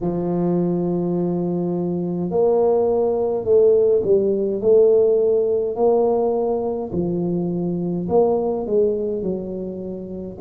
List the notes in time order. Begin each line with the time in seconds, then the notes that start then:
0.01 F3
2.30 A#3
3.44 A3
4.03 G3
4.60 A3
5.75 A#3
6.92 F3
8.08 A#3
8.66 G#3
9.22 F#3